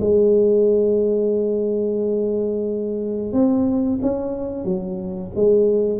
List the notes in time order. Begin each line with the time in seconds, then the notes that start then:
0.00 G#3
3.32 C4
4.02 C#4
4.65 F#3
5.35 G#3